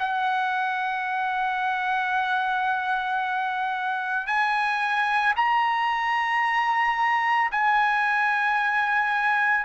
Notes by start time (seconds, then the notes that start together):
0.00 F#5
4.27 G#5
5.37 A#5
7.51 G#5